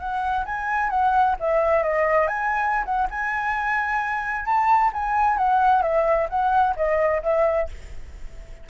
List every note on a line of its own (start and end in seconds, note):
0.00 0.46 F#5
0.46 0.91 G#5
0.91 1.36 F#5
1.40 1.84 E5
1.84 2.28 D#5
2.28 2.85 G#5
2.86 3.09 F#5
3.11 4.46 G#5
4.46 4.92 A5
4.94 5.38 G#5
5.38 5.83 F#5
5.83 6.29 E5
6.30 6.76 F#5
6.77 7.23 D#5
7.23 7.69 E5